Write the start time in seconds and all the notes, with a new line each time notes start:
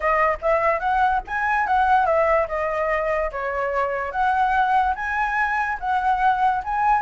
0.00 D#5
0.41 E5
0.79 F#5
1.27 G#5
1.66 F#5
2.06 E5
2.48 D#5
3.31 C#5
4.11 F#5
4.95 G#5
5.80 F#5
6.64 G#5